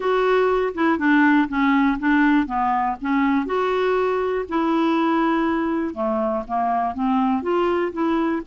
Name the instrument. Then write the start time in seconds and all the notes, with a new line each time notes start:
clarinet
0.00 F#4
0.74 E4
0.98 D4
1.48 C#4
1.99 D4
2.46 B3
3.01 C#4
3.46 F#4
4.48 E4
5.94 A3
6.47 A#3
6.94 C4
7.42 F4
7.92 E4